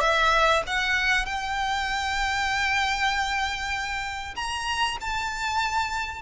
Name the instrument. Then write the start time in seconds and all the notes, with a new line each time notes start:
violin
0.00 E5
0.66 F#5
1.25 G5
4.35 A#5
5.01 A5